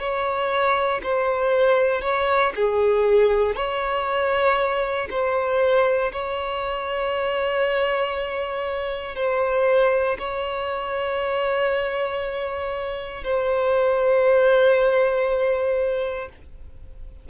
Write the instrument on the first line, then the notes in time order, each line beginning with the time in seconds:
violin
0.00 C#5
1.03 C5
2.02 C#5
2.56 G#4
3.56 C#5
5.11 C5
6.12 C#5
9.16 C5
10.19 C#5
13.24 C5